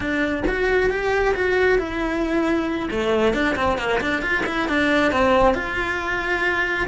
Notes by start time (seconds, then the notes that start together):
0.00 D4
0.47 F#4
0.90 G4
1.34 F#4
1.78 E4
2.90 A3
3.33 D4
3.56 C4
3.78 A#3
4.00 D4
4.21 F4
4.46 E4
4.68 D4
5.12 C4
5.54 F4